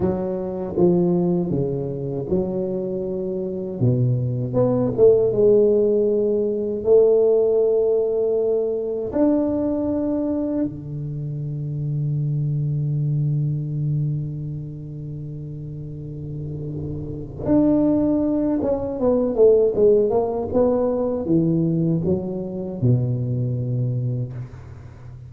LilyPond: \new Staff \with { instrumentName = "tuba" } { \time 4/4 \tempo 4 = 79 fis4 f4 cis4 fis4~ | fis4 b,4 b8 a8 gis4~ | gis4 a2. | d'2 d2~ |
d1~ | d2. d'4~ | d'8 cis'8 b8 a8 gis8 ais8 b4 | e4 fis4 b,2 | }